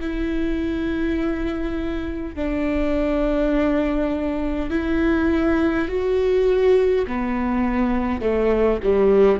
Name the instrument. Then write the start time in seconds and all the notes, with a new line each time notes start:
viola
0.00 E4
2.35 D4
4.70 E4
5.88 F#4
7.07 B3
8.21 A3
8.83 G3